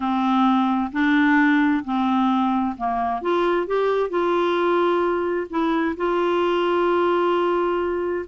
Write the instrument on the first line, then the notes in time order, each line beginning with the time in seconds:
clarinet
0.00 C4
0.92 D4
1.84 C4
2.77 A#3
3.21 F4
3.66 G4
4.09 F4
5.49 E4
5.96 F4